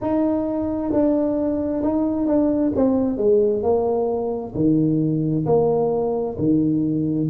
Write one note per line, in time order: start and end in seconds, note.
0.01 0.92 D#4
0.92 1.82 D4
1.82 2.27 D#4
2.27 2.72 D4
2.75 3.17 C4
3.17 3.62 G#3
3.62 4.53 A#3
4.55 5.45 D#3
5.45 6.36 A#3
6.38 7.29 D#3